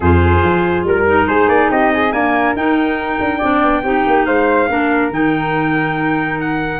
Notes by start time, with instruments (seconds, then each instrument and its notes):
0.00 tuba F2, clarinet F4, flute G#4, trumpet C5
0.42 tuba F3
0.83 tuba G3, flute A#4, trumpet A#4
1.06 clarinet D#4
1.27 tuba G#3, flute G#4, trumpet C5
1.48 tuba A#3, trumpet D5
1.70 tuba C4, flute G4, trumpet D#5
1.93 flute G#4
2.12 clarinet A#3, tuba D4, flute A#4, trumpet G#5
2.55 tuba D#4, clarinet D#4, trumpet G5
3.20 tuba D4
3.38 tuba C4, clarinet D4, flute D5
3.62 tuba B3
3.83 tuba C4, clarinet D#4, flute G4
4.06 tuba A#3
4.25 tuba G#3, flute C5, trumpet F5
4.69 tuba A#3, clarinet D4, flute A#4
5.10 tuba D#3, clarinet D#4, trumpet G5
6.40 trumpet F#5